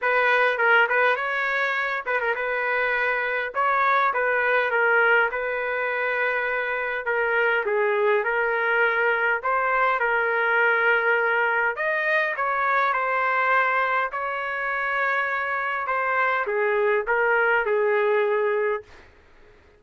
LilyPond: \new Staff \with { instrumentName = "trumpet" } { \time 4/4 \tempo 4 = 102 b'4 ais'8 b'8 cis''4. b'16 ais'16 | b'2 cis''4 b'4 | ais'4 b'2. | ais'4 gis'4 ais'2 |
c''4 ais'2. | dis''4 cis''4 c''2 | cis''2. c''4 | gis'4 ais'4 gis'2 | }